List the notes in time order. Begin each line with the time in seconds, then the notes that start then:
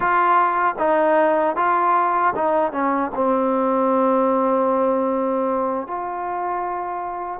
0.00 F4
0.79 D#4
1.55 F4
2.35 D#4
2.72 C#4
3.15 C4
5.87 F4